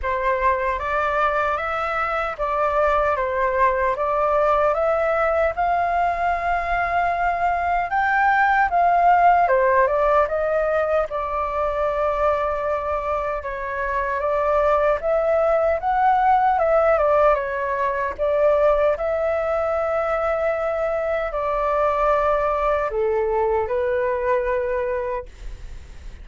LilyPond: \new Staff \with { instrumentName = "flute" } { \time 4/4 \tempo 4 = 76 c''4 d''4 e''4 d''4 | c''4 d''4 e''4 f''4~ | f''2 g''4 f''4 | c''8 d''8 dis''4 d''2~ |
d''4 cis''4 d''4 e''4 | fis''4 e''8 d''8 cis''4 d''4 | e''2. d''4~ | d''4 a'4 b'2 | }